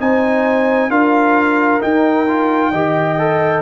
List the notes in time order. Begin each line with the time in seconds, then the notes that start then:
0.00 C4 D#4 C5 G#5
0.90 D4 F4 A#4 F5
1.81 D#4 G5
2.28 F4
2.71 D#3 G4 D#5
3.19 A4